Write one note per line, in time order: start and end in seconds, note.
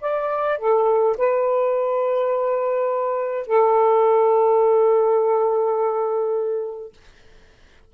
0.00 0.58 D5
0.58 1.15 A4
1.17 3.46 B4
3.46 6.92 A4